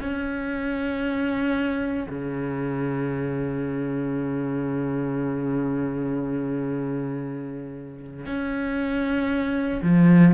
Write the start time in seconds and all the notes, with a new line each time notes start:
0.00 C#4
2.09 C#3
8.26 C#4
9.82 F3